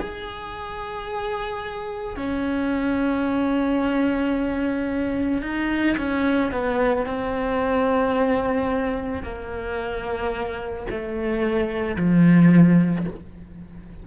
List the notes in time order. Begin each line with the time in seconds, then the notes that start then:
0.00 G#4
2.17 C#4
5.42 D#4
5.98 C#4
6.52 B3
7.06 C4
9.23 A#3
10.90 A3
11.97 F3